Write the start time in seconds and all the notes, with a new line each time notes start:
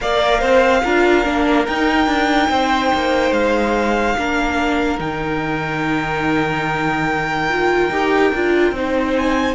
0.00 A#3 A#4 D5 F5
0.40 C4 C5
0.83 D4 F4 A#4
1.24 A#3 D4
1.66 D#4 G5
2.07 D4
2.49 C4 C5
2.94 A#3
3.31 G#3 F5
4.17 A#3 D4 A#4
4.98 D#3 D#4 G5
7.49 F4
7.89 D#4 G4
8.34 D4 F4
8.71 C4 D#4 C5
9.16 G#5